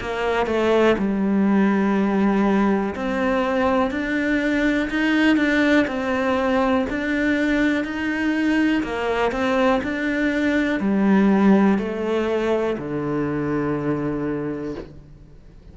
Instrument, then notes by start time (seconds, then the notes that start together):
cello
0.00 A#3
0.46 A3
0.97 G3
2.95 C4
3.91 D4
4.90 D#4
5.37 D4
5.87 C4
6.89 D4
7.84 D#4
8.83 A#3
9.31 C4
9.83 D4
10.80 G3
11.78 A3
12.78 D3